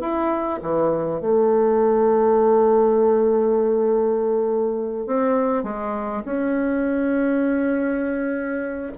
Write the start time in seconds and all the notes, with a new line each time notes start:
0.00 E4
0.62 E3
1.21 A3
5.06 C4
5.63 G#3
6.25 C#4